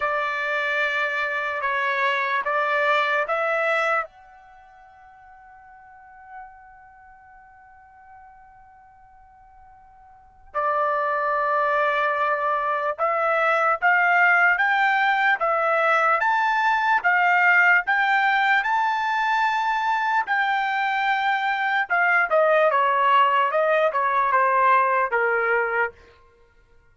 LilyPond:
\new Staff \with { instrumentName = "trumpet" } { \time 4/4 \tempo 4 = 74 d''2 cis''4 d''4 | e''4 fis''2.~ | fis''1~ | fis''4 d''2. |
e''4 f''4 g''4 e''4 | a''4 f''4 g''4 a''4~ | a''4 g''2 f''8 dis''8 | cis''4 dis''8 cis''8 c''4 ais'4 | }